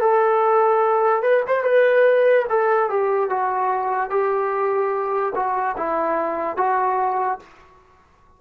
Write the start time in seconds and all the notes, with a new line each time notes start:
0.00 A4
1.22 B4
1.46 C5
1.63 B4
2.49 A4
2.89 G4
3.29 F#4
4.09 G4
5.35 F#4
5.76 E4
6.56 F#4